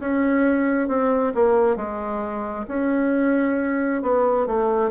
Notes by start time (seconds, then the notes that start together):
0.00 C#4
0.89 C4
1.35 A#3
1.77 G#3
2.68 C#4
4.03 B3
4.47 A3